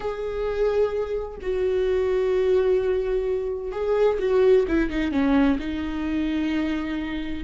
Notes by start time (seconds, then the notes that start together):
0.00 G#4
1.41 F#4
3.71 G#4
4.19 F#4
4.68 E4
4.90 D#4
5.11 C#4
5.59 D#4